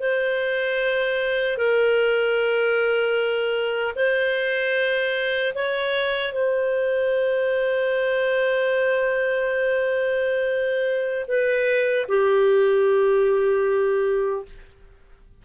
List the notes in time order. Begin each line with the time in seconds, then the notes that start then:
0.00 C5
1.58 A#4
3.96 C5
5.55 C#5
6.33 C5
11.28 B4
12.09 G4